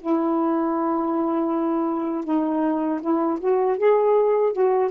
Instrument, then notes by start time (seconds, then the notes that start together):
saxophone
0.00 E4
2.24 D#4
3.01 E4
3.40 F#4
3.78 G#4
4.53 F#4